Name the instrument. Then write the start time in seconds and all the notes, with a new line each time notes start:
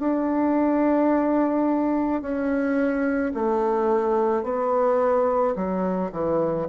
bassoon
0.00 D4
2.22 C#4
3.34 A3
4.43 B3
5.56 F#3
6.12 E3